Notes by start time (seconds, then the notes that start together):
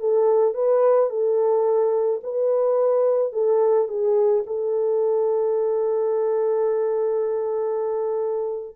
0.00 A4
0.55 B4
1.10 A4
2.24 B4
3.33 A4
3.89 G#4
4.47 A4